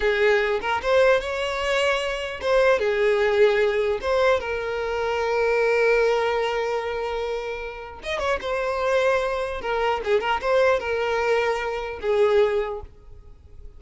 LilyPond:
\new Staff \with { instrumentName = "violin" } { \time 4/4 \tempo 4 = 150 gis'4. ais'8 c''4 cis''4~ | cis''2 c''4 gis'4~ | gis'2 c''4 ais'4~ | ais'1~ |
ais'1 | dis''8 cis''8 c''2. | ais'4 gis'8 ais'8 c''4 ais'4~ | ais'2 gis'2 | }